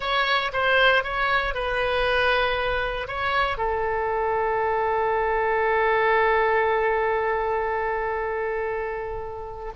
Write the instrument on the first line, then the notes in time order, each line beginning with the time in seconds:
oboe
0.00 C#5
0.53 C5
1.03 C#5
1.54 B4
3.07 C#5
3.57 A4